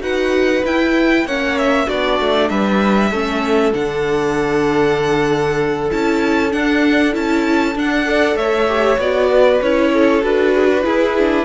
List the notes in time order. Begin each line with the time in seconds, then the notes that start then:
0.00 D#4 F#4 B4 F#5
0.65 E4 G5
1.25 A#3 C#4 C#5 F#5
1.58 E5
1.86 B3 D4 F#4 D5
2.20 A3
2.49 G3 B4 E5
3.11 A3 C#4 A4
3.73 D3 D4 F#5
5.90 C#4 E4 A5
6.51 D4 F#5
7.12 C#4 E4 A5
7.75 D4 F#5
8.05 A4 D5
8.35 A3 C#5 E5
8.68 G4
8.98 B3 F#4 D5
9.30 B4
9.62 C#4 E4 C#5
9.93 A4
10.22 D4 F#4 B4
10.55 G#4
10.67 F#4
10.83 E4 G#4
11.18 D4